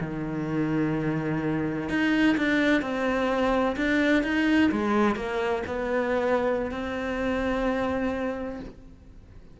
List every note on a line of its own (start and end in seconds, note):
0.00 1.89 D#3
1.89 2.36 D#4
2.37 2.81 D4
2.81 3.76 C4
3.76 4.23 D4
4.23 4.70 D#4
4.71 5.15 G#3
5.15 5.62 A#3
5.66 6.71 B3
6.71 8.60 C4